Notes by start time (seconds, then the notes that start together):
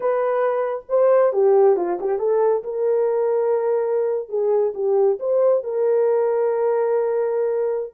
0.00 B4
0.88 C5
1.32 G4
1.76 F4
2.00 G4
2.19 A4
2.63 A#4
4.29 G#4
4.74 G4
5.19 C5
5.63 A#4